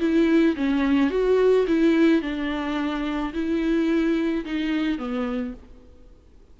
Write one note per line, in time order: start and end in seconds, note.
0.00 0.56 E4
0.56 1.10 C#4
1.10 1.66 F#4
1.67 2.22 E4
2.22 3.33 D4
3.33 4.44 E4
4.45 4.98 D#4
4.98 5.54 B3